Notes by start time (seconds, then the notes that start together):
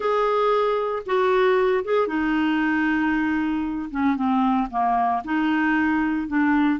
0.00 G#4
1.06 F#4
1.84 G#4
2.07 D#4
3.90 C#4
4.15 C4
4.70 A#3
5.24 D#4
6.28 D4